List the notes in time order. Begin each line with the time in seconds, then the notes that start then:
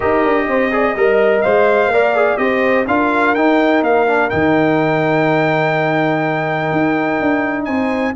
0.00 D#4 G4 A#4 D#5
0.24 D4
0.47 C4 C5
0.71 G#4 D5
0.95 G3 A#4 D#5
1.41 G#3 C5 F5
1.87 A#3 A#4 D5
2.15 G#4
2.37 C4 G4 C5 D#5
2.87 D4 F4 A#4 F5
3.34 D#4 G5
3.81 A#3 F5
4.07 D4
4.29 D#3 D#4 G5
6.71 D#4
7.20 D4
7.65 C4 C5 G#5